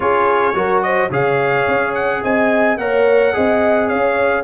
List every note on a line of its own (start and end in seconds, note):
0.00 0.54 C#4
0.00 0.54 F4
0.00 0.56 G#4
0.00 0.81 C#5
0.54 1.10 F#3
0.54 1.10 F#4
0.54 0.84 A#4
0.81 1.11 C5
0.81 1.09 D#5
1.10 1.66 C#3
1.10 2.78 G#4
1.10 2.22 C#5
1.10 1.94 F5
1.67 2.23 C#4
1.94 2.22 F#5
2.23 2.77 C4
2.23 2.79 D#5
2.23 2.77 G#5
2.77 3.33 A#3
2.77 3.33 A#4
2.77 3.34 C#5
2.77 3.88 F#5
3.33 3.92 C4
3.33 4.43 G#4
3.33 3.88 D#5
3.88 4.43 C#4
3.88 4.43 C#5
3.88 4.43 F5